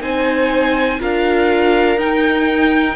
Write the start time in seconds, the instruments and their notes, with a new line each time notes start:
0.00 cello C4, viola D#4, violin C5 G#5
1.00 cello D4, viola F4, violin A#4 F5
1.97 cello D#4, viola D#4, violin G5